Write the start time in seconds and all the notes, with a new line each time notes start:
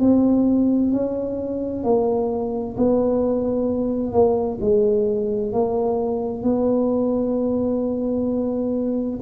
0.00 C4
0.92 C#4
1.84 A#3
2.77 B3
4.12 A#3
4.61 G#3
5.53 A#3
6.43 B3